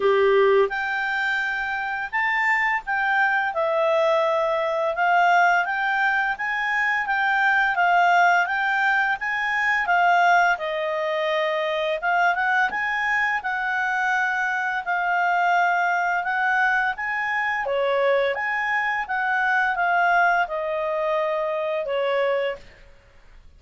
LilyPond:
\new Staff \with { instrumentName = "clarinet" } { \time 4/4 \tempo 4 = 85 g'4 g''2 a''4 | g''4 e''2 f''4 | g''4 gis''4 g''4 f''4 | g''4 gis''4 f''4 dis''4~ |
dis''4 f''8 fis''8 gis''4 fis''4~ | fis''4 f''2 fis''4 | gis''4 cis''4 gis''4 fis''4 | f''4 dis''2 cis''4 | }